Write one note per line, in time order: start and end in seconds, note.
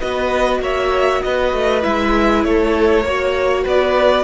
0.00 0.60 B3
0.00 1.82 F#4
0.00 0.61 B4
0.00 0.61 D#5
0.60 1.20 A#3
0.60 1.22 C#5
0.60 1.23 E5
1.23 1.53 B3
1.23 2.46 B4
1.23 1.84 D#5
1.53 1.84 A3
1.82 2.44 G#3
1.82 3.03 E4
1.82 2.44 E5
2.44 3.04 A3
2.44 3.06 A4
2.44 3.65 C#5
3.04 3.65 A#3
3.04 4.24 F#4
3.04 3.64 C#5
3.64 4.24 B3
3.64 4.24 B4
3.64 4.24 D5